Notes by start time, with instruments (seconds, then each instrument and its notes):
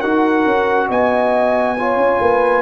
0.00 tuba D#4, trombone F#4, horn A#4, trumpet F#5
0.45 tuba C#4
0.88 tuba B3, horn D#5, trumpet G#5
1.79 trombone F4, horn C#5
1.96 tuba C#4
2.20 tuba A#3, horn B4